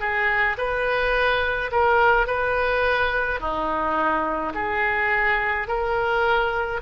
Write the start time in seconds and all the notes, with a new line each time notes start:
0.00 G#4
0.58 B4
1.71 A#4
2.27 B4
3.40 D#4
4.54 G#4
5.68 A#4